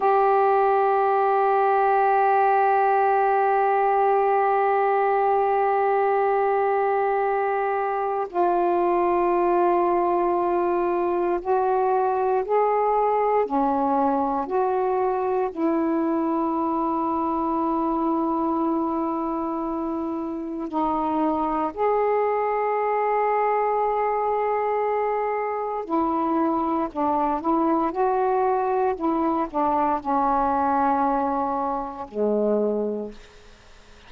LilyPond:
\new Staff \with { instrumentName = "saxophone" } { \time 4/4 \tempo 4 = 58 g'1~ | g'1 | f'2. fis'4 | gis'4 cis'4 fis'4 e'4~ |
e'1 | dis'4 gis'2.~ | gis'4 e'4 d'8 e'8 fis'4 | e'8 d'8 cis'2 gis4 | }